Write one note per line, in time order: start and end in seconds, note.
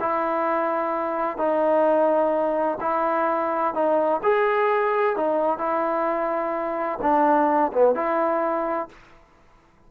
0.00 1.37 E4
1.37 2.78 D#4
2.80 3.74 E4
3.74 4.21 D#4
4.23 5.16 G#4
5.16 5.58 D#4
5.58 6.99 E4
7.01 7.72 D4
7.72 7.95 B3
7.95 8.88 E4